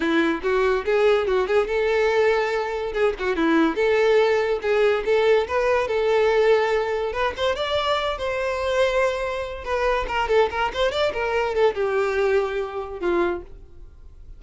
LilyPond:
\new Staff \with { instrumentName = "violin" } { \time 4/4 \tempo 4 = 143 e'4 fis'4 gis'4 fis'8 gis'8 | a'2. gis'8 fis'8 | e'4 a'2 gis'4 | a'4 b'4 a'2~ |
a'4 b'8 c''8 d''4. c''8~ | c''2. b'4 | ais'8 a'8 ais'8 c''8 d''8 ais'4 a'8 | g'2. f'4 | }